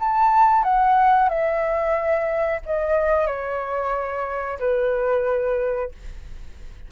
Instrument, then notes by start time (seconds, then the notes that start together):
flute
0.00 A5
0.64 F#5
1.29 E5
2.66 D#5
3.27 C#5
4.60 B4